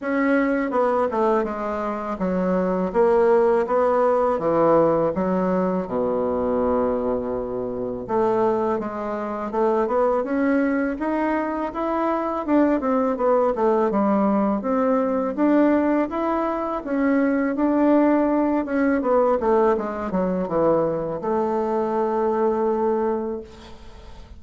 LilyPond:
\new Staff \with { instrumentName = "bassoon" } { \time 4/4 \tempo 4 = 82 cis'4 b8 a8 gis4 fis4 | ais4 b4 e4 fis4 | b,2. a4 | gis4 a8 b8 cis'4 dis'4 |
e'4 d'8 c'8 b8 a8 g4 | c'4 d'4 e'4 cis'4 | d'4. cis'8 b8 a8 gis8 fis8 | e4 a2. | }